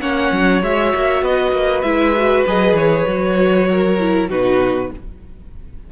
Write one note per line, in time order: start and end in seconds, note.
0.00 0.31 A#3
0.00 0.62 C#4
0.00 1.23 C#5
0.00 0.61 F#5
0.32 0.62 F#3
0.62 0.93 G#3
0.62 1.84 F#4
0.62 1.24 E5
0.95 1.22 A#3
1.22 1.52 B3
1.22 3.68 B4
1.22 1.81 D#5
1.52 1.82 A#3
1.81 2.44 G#3
1.81 2.15 E4
1.81 2.42 E5
2.16 2.46 F#4
2.47 2.73 F#3
2.47 3.06 G#4
2.47 2.76 D#5
2.73 3.03 E3
2.73 4.29 C#5
3.06 4.29 F#3
3.06 3.97 F#4
3.71 4.29 A#4
3.99 4.29 E4
4.29 4.90 B2
4.29 4.91 D#4
4.29 4.90 F#4
4.29 4.92 B4